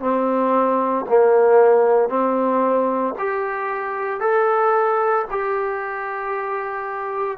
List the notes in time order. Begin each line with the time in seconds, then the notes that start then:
0.00 C4
1.09 A#3
2.09 C4
3.19 G4
4.20 A4
5.31 G4